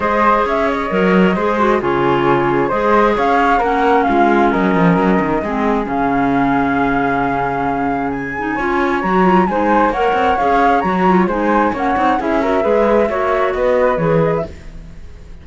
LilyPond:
<<
  \new Staff \with { instrumentName = "flute" } { \time 4/4 \tempo 4 = 133 dis''4 e''8 dis''2~ dis''8 | cis''2 dis''4 f''4 | fis''4 f''4 dis''2~ | dis''4 f''2.~ |
f''2 gis''2 | ais''4 gis''4 fis''4 f''4 | ais''4 gis''4 fis''4 e''4~ | e''2 dis''4 cis''8 dis''16 e''16 | }
  \new Staff \with { instrumentName = "flute" } { \time 4/4 c''4 cis''2 c''4 | gis'2 c''4 cis''4 | ais'4 f'4 ais'2 | gis'1~ |
gis'2. cis''4~ | cis''4 c''4 cis''2~ | cis''4 c''4 cis''4 gis'8 ais'8 | b'4 cis''4 b'2 | }
  \new Staff \with { instrumentName = "clarinet" } { \time 4/4 gis'2 ais'4 gis'8 fis'8 | f'2 gis'2 | cis'1 | c'4 cis'2.~ |
cis'2~ cis'8 dis'8 f'4 | fis'8 f'8 dis'4 ais'4 gis'4 | fis'8 f'8 dis'4 cis'8 dis'8 e'8 fis'8 | gis'4 fis'2 gis'4 | }
  \new Staff \with { instrumentName = "cello" } { \time 4/4 gis4 cis'4 fis4 gis4 | cis2 gis4 cis'4 | ais4 gis4 fis8 f8 fis8 dis8 | gis4 cis2.~ |
cis2. cis'4 | fis4 gis4 ais8 c'8 cis'4 | fis4 gis4 ais8 c'8 cis'4 | gis4 ais4 b4 e4 | }
>>